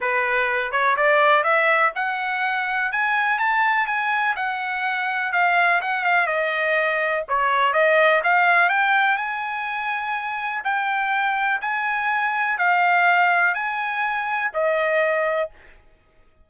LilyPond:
\new Staff \with { instrumentName = "trumpet" } { \time 4/4 \tempo 4 = 124 b'4. cis''8 d''4 e''4 | fis''2 gis''4 a''4 | gis''4 fis''2 f''4 | fis''8 f''8 dis''2 cis''4 |
dis''4 f''4 g''4 gis''4~ | gis''2 g''2 | gis''2 f''2 | gis''2 dis''2 | }